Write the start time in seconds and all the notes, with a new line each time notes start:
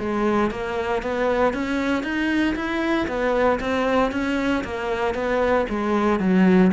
0.00 G#3
0.51 A#3
1.03 B3
1.54 C#4
2.04 D#4
2.56 E4
3.08 B3
3.61 C4
4.12 C#4
4.65 A#3
5.15 B3
5.70 G#3
6.20 F#3